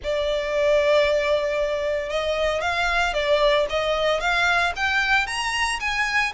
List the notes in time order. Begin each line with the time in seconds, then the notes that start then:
0.03 D5
2.09 D#5
2.61 F5
3.13 D5
3.69 D#5
4.20 F5
4.76 G5
5.26 A#5
5.80 G#5